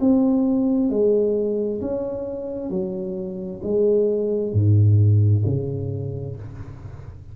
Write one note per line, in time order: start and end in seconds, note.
0.00 0.89 C4
0.89 1.80 G#3
1.81 2.70 C#4
2.70 3.61 F#3
3.63 4.53 G#3
4.53 5.44 G#2
5.45 6.36 C#3